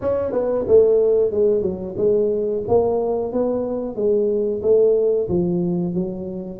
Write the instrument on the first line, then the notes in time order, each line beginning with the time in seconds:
tuba
0.01 C#4
0.32 B3
0.67 A3
1.31 G#3
1.62 F#3
1.97 G#3
2.67 A#3
3.32 B3
3.95 G#3
4.62 A3
5.29 F3
5.94 F#3